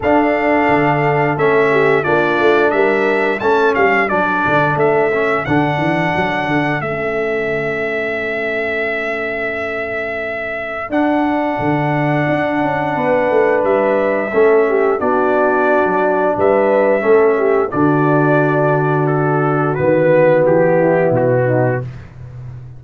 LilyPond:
<<
  \new Staff \with { instrumentName = "trumpet" } { \time 4/4 \tempo 4 = 88 f''2 e''4 d''4 | e''4 a''8 f''8 d''4 e''4 | fis''2 e''2~ | e''1 |
fis''1 | e''2 d''2 | e''2 d''2 | a'4 b'4 g'4 fis'4 | }
  \new Staff \with { instrumentName = "horn" } { \time 4/4 a'2~ a'8 g'8 f'4 | ais'4 a'2.~ | a'1~ | a'1~ |
a'2. b'4~ | b'4 a'8 g'8 fis'2 | b'4 a'8 g'8 fis'2~ | fis'2~ fis'8 e'4 dis'8 | }
  \new Staff \with { instrumentName = "trombone" } { \time 4/4 d'2 cis'4 d'4~ | d'4 cis'4 d'4. cis'8 | d'2 cis'2~ | cis'1 |
d'1~ | d'4 cis'4 d'2~ | d'4 cis'4 d'2~ | d'4 b2. | }
  \new Staff \with { instrumentName = "tuba" } { \time 4/4 d'4 d4 a4 ais8 a8 | g4 a8 g8 fis8 d8 a4 | d8 e8 fis8 d8 a2~ | a1 |
d'4 d4 d'8 cis'8 b8 a8 | g4 a4 b4~ b16 fis8. | g4 a4 d2~ | d4 dis4 e4 b,4 | }
>>